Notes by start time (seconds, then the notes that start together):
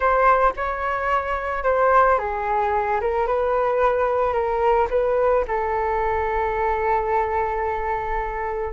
0.00 C5
0.56 C#5
1.63 C5
2.18 G#4
3.00 A#4
3.27 B4
4.33 A#4
4.90 B4
5.47 A4